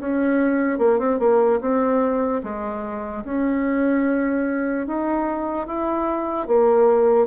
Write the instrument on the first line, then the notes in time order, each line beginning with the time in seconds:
bassoon
0.00 C#4
0.79 A#3
0.99 C4
1.20 A#3
1.61 C4
2.43 G#3
3.25 C#4
4.87 D#4
5.67 E4
6.48 A#3